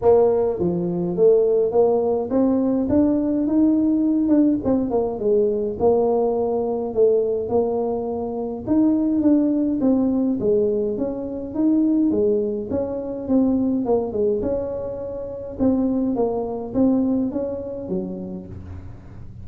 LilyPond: \new Staff \with { instrumentName = "tuba" } { \time 4/4 \tempo 4 = 104 ais4 f4 a4 ais4 | c'4 d'4 dis'4. d'8 | c'8 ais8 gis4 ais2 | a4 ais2 dis'4 |
d'4 c'4 gis4 cis'4 | dis'4 gis4 cis'4 c'4 | ais8 gis8 cis'2 c'4 | ais4 c'4 cis'4 fis4 | }